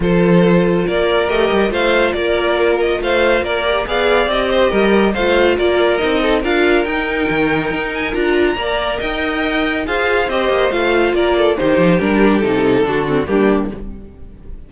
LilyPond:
<<
  \new Staff \with { instrumentName = "violin" } { \time 4/4 \tempo 4 = 140 c''2 d''4 dis''4 | f''4 d''4. dis''8 f''4 | d''4 f''4 dis''2 | f''4 d''4 dis''4 f''4 |
g''2~ g''8 gis''8 ais''4~ | ais''4 g''2 f''4 | dis''4 f''4 d''4 c''4 | ais'4 a'2 g'4 | }
  \new Staff \with { instrumentName = "violin" } { \time 4/4 a'2 ais'2 | c''4 ais'2 c''4 | ais'4 d''4. c''8 ais'4 | c''4 ais'4. a'8 ais'4~ |
ais'1 | d''4 dis''2 c''4~ | c''2 ais'8 a'8 g'4~ | g'2 fis'4 d'4 | }
  \new Staff \with { instrumentName = "viola" } { \time 4/4 f'2. g'4 | f'1~ | f'8 g'8 gis'4 g'2 | f'2 dis'4 f'4 |
dis'2. f'4 | ais'2. gis'4 | g'4 f'2 dis'4 | d'4 dis'4 d'8 c'8 ais4 | }
  \new Staff \with { instrumentName = "cello" } { \time 4/4 f2 ais4 a8 g8 | a4 ais2 a4 | ais4 b4 c'4 g4 | a4 ais4 c'4 d'4 |
dis'4 dis4 dis'4 d'4 | ais4 dis'2 f'4 | c'8 ais8 a4 ais4 dis8 f8 | g4 c4 d4 g4 | }
>>